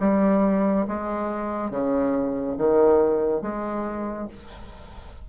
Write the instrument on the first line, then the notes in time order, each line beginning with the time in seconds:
bassoon
0.00 G3
0.87 G#3
1.70 C#3
2.57 D#3
3.41 G#3